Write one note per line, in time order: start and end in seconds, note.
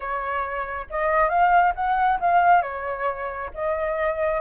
0.00 0.86 C#5
0.90 1.29 D#5
1.29 1.73 F5
1.75 2.19 F#5
2.20 2.62 F5
2.62 3.50 C#5
3.54 4.40 D#5